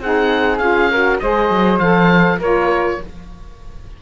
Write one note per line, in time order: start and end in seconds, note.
0.00 0.59 C4
0.00 0.60 D#4
0.00 0.90 G#4
0.00 0.58 F#5
0.58 1.19 C#4
0.58 0.90 F4
0.58 1.17 F5
0.90 1.21 F#4
0.90 1.20 A#4
1.19 1.50 G#3
1.19 1.80 G#4
1.19 2.38 C5
1.19 1.79 D#5
1.50 1.79 F#3
1.79 2.39 F3
1.79 2.39 A4
1.79 2.38 F5
2.38 2.98 A#3
2.38 3.00 F4
2.38 2.97 A#4
2.38 3.01 C#5